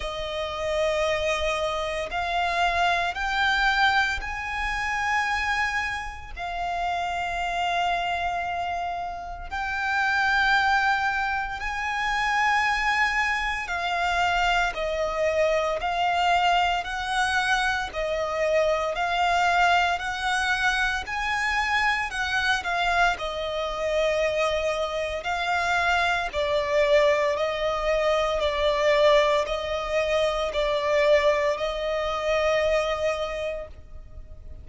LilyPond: \new Staff \with { instrumentName = "violin" } { \time 4/4 \tempo 4 = 57 dis''2 f''4 g''4 | gis''2 f''2~ | f''4 g''2 gis''4~ | gis''4 f''4 dis''4 f''4 |
fis''4 dis''4 f''4 fis''4 | gis''4 fis''8 f''8 dis''2 | f''4 d''4 dis''4 d''4 | dis''4 d''4 dis''2 | }